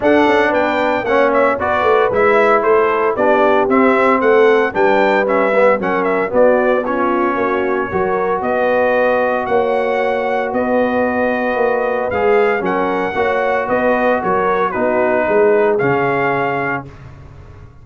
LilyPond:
<<
  \new Staff \with { instrumentName = "trumpet" } { \time 4/4 \tempo 4 = 114 fis''4 g''4 fis''8 e''8 d''4 | e''4 c''4 d''4 e''4 | fis''4 g''4 e''4 fis''8 e''8 | d''4 cis''2. |
dis''2 fis''2 | dis''2. f''4 | fis''2 dis''4 cis''4 | b'2 f''2 | }
  \new Staff \with { instrumentName = "horn" } { \time 4/4 a'4 b'4 cis''4 b'4~ | b'4 a'4 g'2 | a'4 b'2 ais'4 | fis'4 f'4 fis'4 ais'4 |
b'2 cis''2 | b'1 | ais'4 cis''4 b'4 ais'4 | fis'4 gis'2. | }
  \new Staff \with { instrumentName = "trombone" } { \time 4/4 d'2 cis'4 fis'4 | e'2 d'4 c'4~ | c'4 d'4 cis'8 b8 cis'4 | b4 cis'2 fis'4~ |
fis'1~ | fis'2. gis'4 | cis'4 fis'2. | dis'2 cis'2 | }
  \new Staff \with { instrumentName = "tuba" } { \time 4/4 d'8 cis'8 b4 ais4 b8 a8 | gis4 a4 b4 c'4 | a4 g2 fis4 | b2 ais4 fis4 |
b2 ais2 | b2 ais4 gis4 | fis4 ais4 b4 fis4 | b4 gis4 cis2 | }
>>